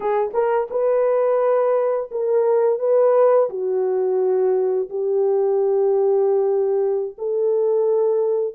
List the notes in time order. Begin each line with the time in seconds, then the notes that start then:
0.00 G#4
0.33 A#4
0.70 B4
2.11 A#4
2.79 B4
3.49 F#4
4.89 G4
7.17 A4